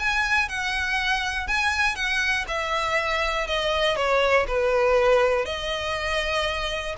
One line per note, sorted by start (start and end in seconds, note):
0.00 0.49 G#5
0.49 1.48 F#5
1.48 1.95 G#5
1.95 2.45 F#5
2.48 3.47 E5
3.47 3.97 D#5
3.97 4.47 C#5
4.48 5.46 B4
5.46 6.96 D#5